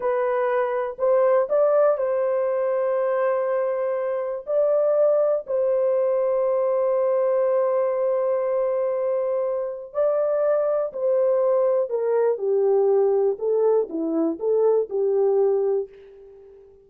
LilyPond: \new Staff \with { instrumentName = "horn" } { \time 4/4 \tempo 4 = 121 b'2 c''4 d''4 | c''1~ | c''4 d''2 c''4~ | c''1~ |
c''1 | d''2 c''2 | ais'4 g'2 a'4 | e'4 a'4 g'2 | }